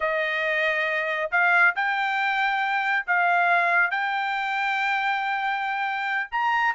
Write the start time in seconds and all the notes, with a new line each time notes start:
0.00 D#5
1.31 F5
1.75 G5
3.06 F5
3.90 G5
6.31 A#5